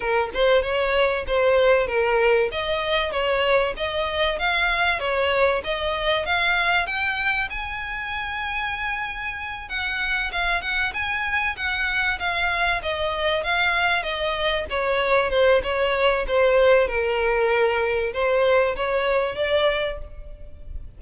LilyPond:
\new Staff \with { instrumentName = "violin" } { \time 4/4 \tempo 4 = 96 ais'8 c''8 cis''4 c''4 ais'4 | dis''4 cis''4 dis''4 f''4 | cis''4 dis''4 f''4 g''4 | gis''2.~ gis''8 fis''8~ |
fis''8 f''8 fis''8 gis''4 fis''4 f''8~ | f''8 dis''4 f''4 dis''4 cis''8~ | cis''8 c''8 cis''4 c''4 ais'4~ | ais'4 c''4 cis''4 d''4 | }